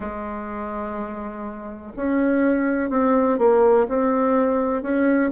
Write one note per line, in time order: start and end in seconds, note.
0.00 1.92 G#3
1.96 2.90 C#4
2.90 3.38 C4
3.38 3.87 A#3
3.88 4.82 C4
4.82 5.30 C#4